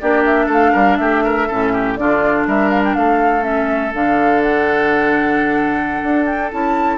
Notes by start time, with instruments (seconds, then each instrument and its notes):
0.00 bassoon A#3, clarinet D4, oboe G4, flute D5
0.25 flute E5
0.46 bassoon A3, oboe A4
0.52 flute F5
0.72 bassoon G3, oboe A#4
0.97 bassoon A3, oboe G4, flute E5
1.24 oboe A#4
1.47 bassoon A2, clarinet C#4, oboe A4
1.73 oboe G4
1.96 bassoon D3, clarinet D4, oboe F4, flute D5
2.46 bassoon G3, oboe A#4, flute E5
2.70 flute F5
2.84 flute G5
2.94 bassoon A3, oboe A4, flute F5
3.41 clarinet C#4, flute E5
3.93 bassoon D3, clarinet D4, flute F5
4.42 flute F#5
6.03 bassoon D4
6.26 flute G5
6.52 bassoon C#4, clarinet E4, flute A5